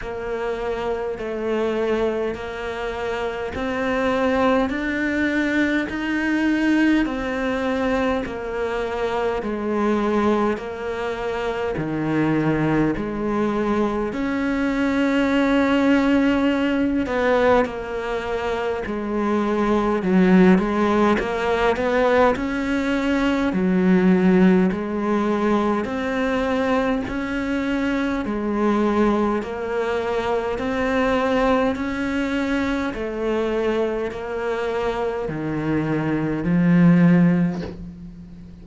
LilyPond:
\new Staff \with { instrumentName = "cello" } { \time 4/4 \tempo 4 = 51 ais4 a4 ais4 c'4 | d'4 dis'4 c'4 ais4 | gis4 ais4 dis4 gis4 | cis'2~ cis'8 b8 ais4 |
gis4 fis8 gis8 ais8 b8 cis'4 | fis4 gis4 c'4 cis'4 | gis4 ais4 c'4 cis'4 | a4 ais4 dis4 f4 | }